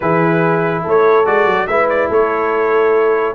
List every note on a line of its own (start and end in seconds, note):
0.00 0.85 E3
0.00 1.25 E4
0.00 0.83 G#4
0.00 0.84 B4
0.83 1.26 A3
0.83 1.66 A4
0.83 1.26 C#5
1.25 1.46 G#3
1.25 1.67 F#4
1.25 1.67 D5
1.46 1.67 F#3
1.67 2.09 G#3
1.67 3.34 E4
1.67 2.09 B4
1.67 1.88 E5
1.89 2.10 D5
2.09 3.34 A3
2.09 3.34 A4
2.09 3.34 C#5